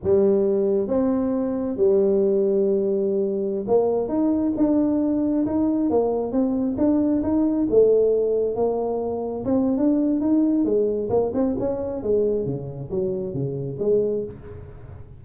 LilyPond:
\new Staff \with { instrumentName = "tuba" } { \time 4/4 \tempo 4 = 135 g2 c'2 | g1~ | g16 ais4 dis'4 d'4.~ d'16~ | d'16 dis'4 ais4 c'4 d'8.~ |
d'16 dis'4 a2 ais8.~ | ais4~ ais16 c'8. d'4 dis'4 | gis4 ais8 c'8 cis'4 gis4 | cis4 fis4 cis4 gis4 | }